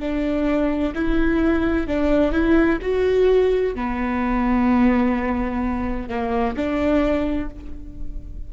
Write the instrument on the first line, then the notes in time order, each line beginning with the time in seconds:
viola
0.00 D4
0.95 E4
1.88 D4
2.33 E4
2.82 F#4
3.75 B3
6.09 A#3
6.57 D4